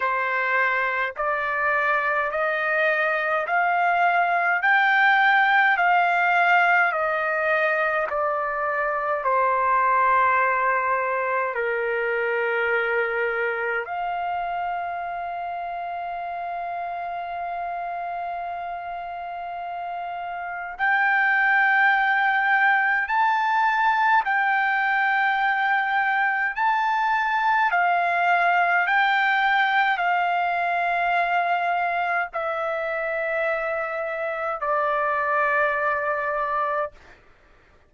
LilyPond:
\new Staff \with { instrumentName = "trumpet" } { \time 4/4 \tempo 4 = 52 c''4 d''4 dis''4 f''4 | g''4 f''4 dis''4 d''4 | c''2 ais'2 | f''1~ |
f''2 g''2 | a''4 g''2 a''4 | f''4 g''4 f''2 | e''2 d''2 | }